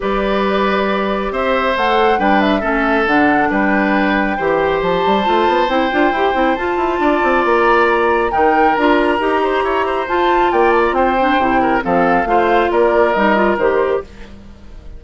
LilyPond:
<<
  \new Staff \with { instrumentName = "flute" } { \time 4/4 \tempo 4 = 137 d''2. e''4 | fis''4 g''8 e''4. fis''4 | g''2. a''4~ | a''4 g''2 a''4~ |
a''4 ais''2 g''4 | ais''2. a''4 | g''8 a''16 ais''16 g''2 f''4~ | f''4 d''4 dis''4 c''4 | }
  \new Staff \with { instrumentName = "oboe" } { \time 4/4 b'2. c''4~ | c''4 b'4 a'2 | b'2 c''2~ | c''1 |
d''2. ais'4~ | ais'4. c''8 cis''8 c''4. | d''4 c''4. ais'8 a'4 | c''4 ais'2. | }
  \new Staff \with { instrumentName = "clarinet" } { \time 4/4 g'1 | a'4 d'4 cis'4 d'4~ | d'2 g'2 | f'4 e'8 f'8 g'8 e'8 f'4~ |
f'2. dis'4 | f'4 g'2 f'4~ | f'4. d'8 e'4 c'4 | f'2 dis'8 f'8 g'4 | }
  \new Staff \with { instrumentName = "bassoon" } { \time 4/4 g2. c'4 | a4 g4 a4 d4 | g2 e4 f8 g8 | a8 b8 c'8 d'8 e'8 c'8 f'8 e'8 |
d'8 c'8 ais2 dis4 | d'4 dis'4 e'4 f'4 | ais4 c'4 c4 f4 | a4 ais4 g4 dis4 | }
>>